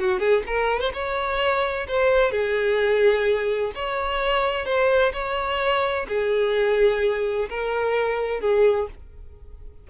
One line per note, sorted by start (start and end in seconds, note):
0.00 0.20 F#4
0.20 0.43 G#4
0.47 0.80 A#4
0.80 0.92 C5
0.94 1.87 C#5
1.88 2.32 C5
2.32 3.72 G#4
3.75 4.65 C#5
4.65 5.12 C5
5.13 6.07 C#5
6.08 7.49 G#4
7.49 8.41 A#4
8.41 8.88 G#4